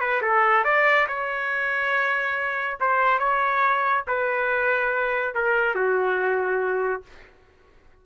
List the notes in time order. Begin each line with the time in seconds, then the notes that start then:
0.00 B4
0.22 A4
0.64 D5
1.08 C#5
2.80 C5
3.19 C#5
4.07 B4
5.34 A#4
5.75 F#4